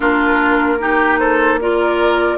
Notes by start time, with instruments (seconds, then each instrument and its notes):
0.00 bassoon A#3, clarinet D4, oboe F4, flute A#4
0.79 clarinet D#4, oboe G4
1.19 oboe A4, flute C5
1.61 clarinet F4, oboe A#4, flute D5